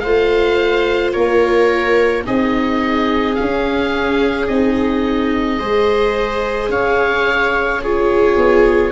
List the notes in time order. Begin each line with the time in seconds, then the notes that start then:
0.00 A3 F4 C5 F5
1.12 A#3 A#4 C#5
2.25 C4 D#4 G#4 D#5
3.35 C#4 F5
3.41 C#4
4.48 C4 D#4 D#5
5.59 G#3 G#4 C5
6.69 C#4 C#5 F5
7.81 F4 G#4 C#5
8.36 B3